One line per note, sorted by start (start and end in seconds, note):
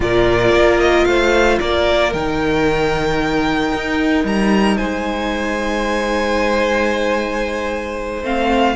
0.00 0.52 A#2
0.00 2.12 F4
0.00 1.08 A#4
0.00 0.80 D5
0.52 1.05 A#3
0.80 1.05 D#5
1.05 1.59 A3
1.05 1.59 C5
1.05 1.58 F5
1.59 2.13 A#3
1.59 4.77 A#4
1.59 2.12 D5
2.13 3.73 D#3
2.13 8.22 D#4
2.13 4.25 G5
3.73 4.24 D#4
4.24 4.77 G3
4.24 4.77 A#5
4.77 8.22 G#3
4.77 8.75 C5
4.77 8.22 G#5
8.22 8.75 A3
8.22 8.75 C4
8.22 8.75 F5